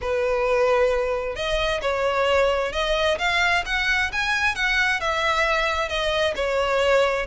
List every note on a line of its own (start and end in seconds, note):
0.01 1.35 B4
1.35 1.81 D#5
1.81 2.72 C#5
2.72 3.18 D#5
3.18 3.64 F5
3.65 4.11 F#5
4.12 4.55 G#5
4.55 5.00 F#5
5.00 5.88 E5
5.88 6.34 D#5
6.35 7.26 C#5